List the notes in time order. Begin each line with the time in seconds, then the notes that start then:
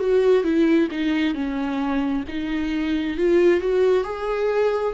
0.00 F#4
0.44 E4
0.92 D#4
1.35 C#4
2.28 D#4
3.18 F4
3.61 F#4
4.04 G#4